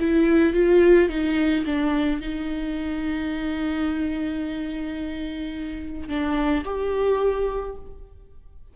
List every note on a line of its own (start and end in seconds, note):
0.00 0.53 E4
0.53 1.09 F4
1.09 1.64 D#4
1.66 2.21 D4
2.21 6.09 D#4
6.09 6.64 D4
6.65 7.76 G4